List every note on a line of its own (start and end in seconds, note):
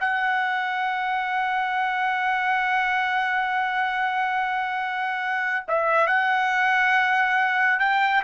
0.00 5.65 F#5
5.67 6.07 E5
6.07 7.79 F#5
7.79 8.23 G5